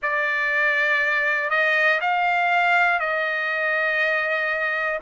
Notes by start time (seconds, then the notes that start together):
0.02 D5
1.50 D#5
2.00 F5
2.99 D#5